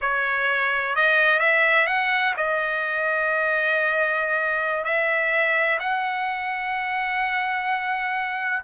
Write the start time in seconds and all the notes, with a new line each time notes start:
0.01 C#5
0.95 D#5
1.39 E5
1.86 F#5
2.36 D#5
4.84 E5
5.79 F#5